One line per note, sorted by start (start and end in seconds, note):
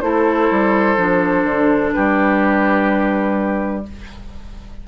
0.00 0.49 A3
0.00 0.97 E4
0.00 1.95 A4
0.00 1.90 C5
0.50 0.97 G3
0.97 1.44 F3
0.97 3.83 D4
1.44 1.91 D3
1.92 3.87 G3
1.92 3.85 G4
1.92 3.83 B4